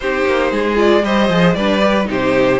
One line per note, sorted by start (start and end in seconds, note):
0.00 0.25 C4
0.00 0.75 D#4
0.00 0.51 G4
0.00 0.77 C5
0.25 0.51 A#3
0.51 1.03 G#3
0.51 1.03 G#4
0.75 1.01 F4
0.75 1.04 D5
1.03 1.29 G3
1.03 1.29 G4
1.03 1.56 C5
1.03 1.54 D#5
1.29 1.55 F3
1.29 1.56 G#4
1.54 2.07 G3
1.54 1.81 D4
1.54 2.08 B4
1.54 2.06 D5
1.81 2.05 G4
2.05 2.59 C3
2.05 2.57 D#4
2.05 2.59 G4
2.11 2.59 C5